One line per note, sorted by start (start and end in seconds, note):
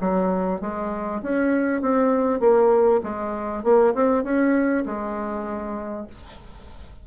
0.00 0.61 F#3
0.61 1.21 G#3
1.22 1.81 C#4
1.81 2.40 C4
2.40 3.00 A#3
3.03 3.63 G#3
3.63 3.94 A#3
3.94 4.23 C4
4.23 4.84 C#4
4.85 6.07 G#3